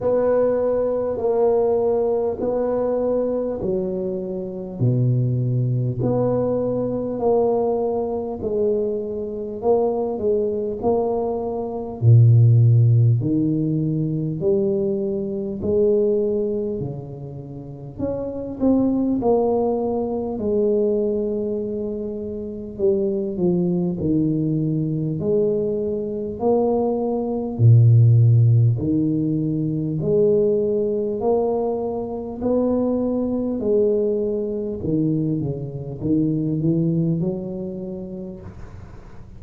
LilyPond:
\new Staff \with { instrumentName = "tuba" } { \time 4/4 \tempo 4 = 50 b4 ais4 b4 fis4 | b,4 b4 ais4 gis4 | ais8 gis8 ais4 ais,4 dis4 | g4 gis4 cis4 cis'8 c'8 |
ais4 gis2 g8 f8 | dis4 gis4 ais4 ais,4 | dis4 gis4 ais4 b4 | gis4 dis8 cis8 dis8 e8 fis4 | }